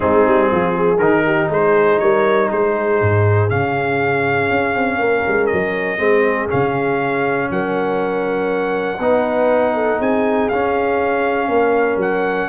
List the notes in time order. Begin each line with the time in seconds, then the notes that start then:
0.00 G#3 C4 D#4 G#4
0.26 G3
0.51 F3 F4
0.74 G#4
0.97 D#3 D#4 A#4
1.25 G4
1.49 G#3 G#4 C5
1.99 G3 A#4 C#5
2.51 G#3 G#4 C5
3.01 G#2
3.49 C#3 C#4 F5
4.50 C#4
4.75 C4
4.98 A#3 A#4
5.27 G#3
5.46 D#5
5.52 F#3
5.98 G#3 C4 G#4
6.47 C#3 C#4 F5
7.50 F#3 A#4 F#5
8.99 B3 D#4 B4
9.74 A4
9.98 C4 G#4 G#5
10.48 C#4 F5
11.48 A#3 A#4
11.96 F#3 F#5